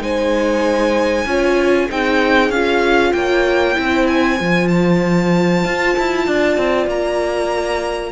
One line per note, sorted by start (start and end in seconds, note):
0.00 1.25 G#3
0.00 1.25 D#4
0.00 1.25 C5
0.00 1.90 G#5
1.25 1.88 C#4
1.25 1.89 F4
1.25 1.88 C#5
1.89 2.50 C4
1.89 2.52 D#4
1.89 3.14 G#4
1.89 2.51 G5
2.50 3.12 C#4
2.50 3.74 F4
2.50 3.12 F5
3.12 3.76 A#3
3.12 3.78 C#5
3.12 4.06 G5
3.74 4.40 C4
3.74 4.37 E4
3.81 6.27 C5
4.07 4.68 G#5
4.39 5.64 F3
4.39 8.12 F4
4.68 6.86 A5
5.64 5.95 F4
5.99 6.27 E4
6.27 6.57 D4
6.27 8.12 D5
6.57 6.87 C4
6.87 8.12 A#3
6.87 8.12 A#5